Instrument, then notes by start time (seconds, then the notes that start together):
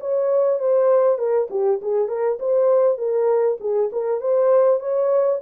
horn
0.00 C#5
0.59 C5
1.18 A#4
1.50 G4
1.82 G#4
2.08 A#4
2.39 C5
2.98 A#4
3.60 G#4
3.92 A#4
4.21 C5
4.79 C#5